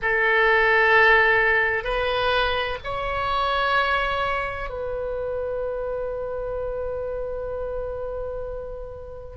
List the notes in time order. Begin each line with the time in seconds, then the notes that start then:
0.02 A4
1.84 B4
2.84 C#5
4.69 B4